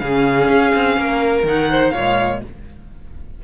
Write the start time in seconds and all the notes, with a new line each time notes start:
0.00 C#3 C#4 G#4 F5
0.48 C#4
0.75 C4
0.98 A#3 A#4
1.43 D#3 D#4 F#5
1.71 C5
1.91 A#2 G#3 C#5 F5